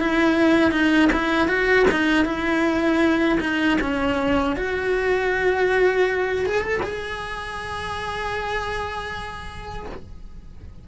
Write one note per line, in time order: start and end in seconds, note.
0.00 0.72 E4
0.72 1.10 D#4
1.13 1.48 E4
1.48 1.86 F#4
1.91 2.25 D#4
2.25 3.39 E4
3.40 3.78 D#4
3.81 4.56 C#4
4.56 6.46 F#4
6.46 6.61 G#4
6.61 6.80 A4
6.83 9.87 G#4